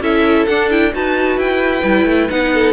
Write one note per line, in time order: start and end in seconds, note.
0.00 0.45 C#4
0.00 0.48 E4
0.00 0.92 A4
0.00 0.46 E5
0.46 0.94 D4
0.46 0.70 D4
0.46 0.69 F#5
0.70 0.91 E4
0.70 0.93 G5
0.91 1.37 D#4
0.91 1.82 F#4
0.91 2.53 B4
0.91 1.39 A5
1.37 1.82 E4
1.37 2.29 G5
1.83 2.05 G3
1.83 2.29 E4
2.05 2.28 A3
2.29 2.72 B3
2.29 2.72 D#4
2.29 2.72 F#5
2.53 2.72 A4